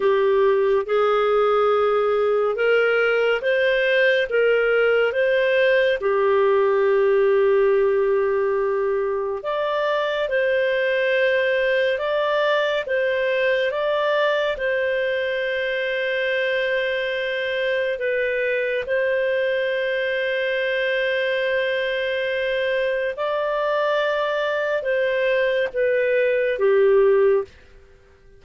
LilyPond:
\new Staff \with { instrumentName = "clarinet" } { \time 4/4 \tempo 4 = 70 g'4 gis'2 ais'4 | c''4 ais'4 c''4 g'4~ | g'2. d''4 | c''2 d''4 c''4 |
d''4 c''2.~ | c''4 b'4 c''2~ | c''2. d''4~ | d''4 c''4 b'4 g'4 | }